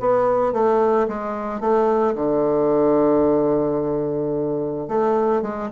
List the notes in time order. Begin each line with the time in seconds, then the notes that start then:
0.00 B3
0.53 A3
1.08 G#3
1.60 A3
2.15 D3
4.87 A3
5.42 G#3